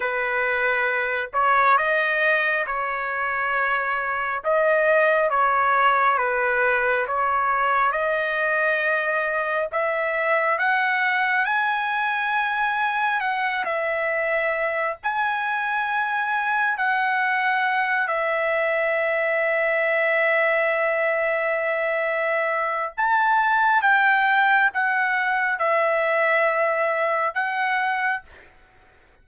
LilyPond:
\new Staff \with { instrumentName = "trumpet" } { \time 4/4 \tempo 4 = 68 b'4. cis''8 dis''4 cis''4~ | cis''4 dis''4 cis''4 b'4 | cis''4 dis''2 e''4 | fis''4 gis''2 fis''8 e''8~ |
e''4 gis''2 fis''4~ | fis''8 e''2.~ e''8~ | e''2 a''4 g''4 | fis''4 e''2 fis''4 | }